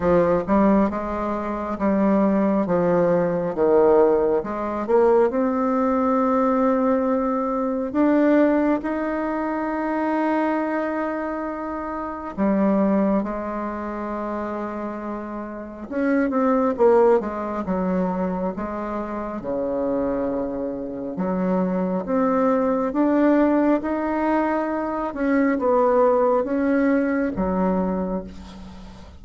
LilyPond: \new Staff \with { instrumentName = "bassoon" } { \time 4/4 \tempo 4 = 68 f8 g8 gis4 g4 f4 | dis4 gis8 ais8 c'2~ | c'4 d'4 dis'2~ | dis'2 g4 gis4~ |
gis2 cis'8 c'8 ais8 gis8 | fis4 gis4 cis2 | fis4 c'4 d'4 dis'4~ | dis'8 cis'8 b4 cis'4 fis4 | }